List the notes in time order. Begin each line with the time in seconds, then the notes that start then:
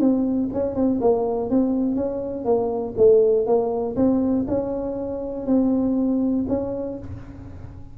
0.00 C4
0.53 C#4
0.75 C4
1.01 A#3
1.50 C4
1.96 C#4
2.45 A#3
2.97 A3
3.46 A#3
3.96 C4
4.48 C#4
5.47 C4
6.48 C#4